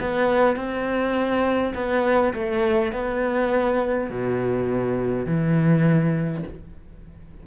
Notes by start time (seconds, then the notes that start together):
0.00 B3
0.56 C4
1.74 B3
2.33 A3
2.92 B3
4.10 B2
5.26 E3